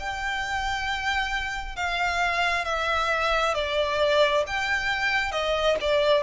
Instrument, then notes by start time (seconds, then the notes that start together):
violin
0.00 G5
1.76 F5
2.65 E5
3.55 D5
4.47 G5
5.32 D#5
5.81 D5